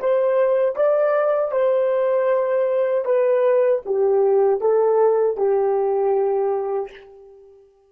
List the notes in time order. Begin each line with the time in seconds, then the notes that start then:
0.00 C5
0.76 D5
1.51 C5
3.05 B4
3.85 G4
4.60 A4
5.37 G4